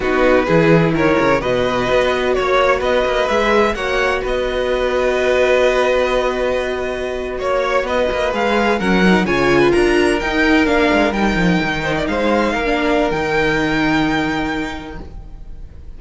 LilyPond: <<
  \new Staff \with { instrumentName = "violin" } { \time 4/4 \tempo 4 = 128 b'2 cis''4 dis''4~ | dis''4 cis''4 dis''4 e''4 | fis''4 dis''2.~ | dis''2.~ dis''8. cis''16~ |
cis''8. dis''4 f''4 fis''4 gis''16~ | gis''8. ais''4 g''4 f''4 g''16~ | g''4.~ g''16 f''2~ f''16 | g''1 | }
  \new Staff \with { instrumentName = "violin" } { \time 4/4 fis'4 gis'4 ais'4 b'4~ | b'4 cis''4 b'2 | cis''4 b'2.~ | b'2.~ b'8. cis''16~ |
cis''8. b'2 ais'4 cis''16~ | cis''8 b'16 ais'2.~ ais'16~ | ais'4~ ais'16 c''16 d''16 c''4 ais'4~ ais'16~ | ais'1 | }
  \new Staff \with { instrumentName = "viola" } { \time 4/4 dis'4 e'2 fis'4~ | fis'2. gis'4 | fis'1~ | fis'1~ |
fis'4.~ fis'16 gis'4 cis'8 dis'8 f'16~ | f'4.~ f'16 dis'4 d'4 dis'16~ | dis'2. d'4 | dis'1 | }
  \new Staff \with { instrumentName = "cello" } { \time 4/4 b4 e4 dis8 cis8 b,4 | b4 ais4 b8 ais8 gis4 | ais4 b2.~ | b2.~ b8. ais16~ |
ais8. b8 ais8 gis4 fis4 cis16~ | cis8. d'4 dis'4 ais8 gis8 g16~ | g16 f8 dis4 gis4 ais4~ ais16 | dis1 | }
>>